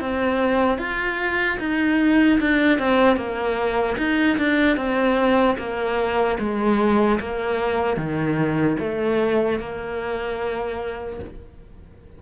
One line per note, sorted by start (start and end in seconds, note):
0.00 0.78 C4
0.78 1.58 F4
1.59 2.39 D#4
2.40 2.79 D4
2.79 3.16 C4
3.16 3.96 A#3
3.97 4.37 D#4
4.38 4.76 D4
4.76 5.56 C4
5.58 6.38 A#3
6.39 7.19 G#3
7.20 7.97 A#3
7.97 8.77 D#3
8.79 9.59 A3
9.59 11.19 A#3